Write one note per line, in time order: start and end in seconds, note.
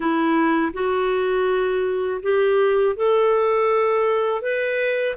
0.00 0.72 E4
0.73 2.21 F#4
2.22 2.96 G4
2.96 4.41 A4
4.41 5.15 B4